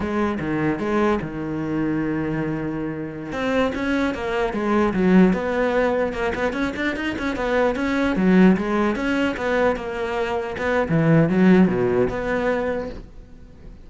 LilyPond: \new Staff \with { instrumentName = "cello" } { \time 4/4 \tempo 4 = 149 gis4 dis4 gis4 dis4~ | dis1~ | dis16 c'4 cis'4 ais4 gis8.~ | gis16 fis4 b2 ais8 b16~ |
b16 cis'8 d'8 dis'8 cis'8 b4 cis'8.~ | cis'16 fis4 gis4 cis'4 b8.~ | b16 ais2 b8. e4 | fis4 b,4 b2 | }